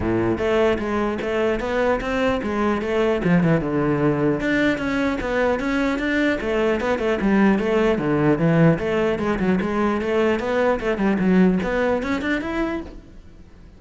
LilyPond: \new Staff \with { instrumentName = "cello" } { \time 4/4 \tempo 4 = 150 a,4 a4 gis4 a4 | b4 c'4 gis4 a4 | f8 e8 d2 d'4 | cis'4 b4 cis'4 d'4 |
a4 b8 a8 g4 a4 | d4 e4 a4 gis8 fis8 | gis4 a4 b4 a8 g8 | fis4 b4 cis'8 d'8 e'4 | }